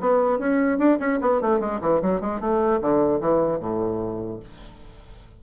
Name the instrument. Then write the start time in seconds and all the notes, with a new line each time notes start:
bassoon
0.00 B3
0.38 C#4
0.78 D4
0.99 C#4
1.21 B3
1.41 A3
1.59 G#3
1.81 E3
2.02 F#3
2.20 G#3
2.40 A3
2.81 D3
3.20 E3
3.59 A2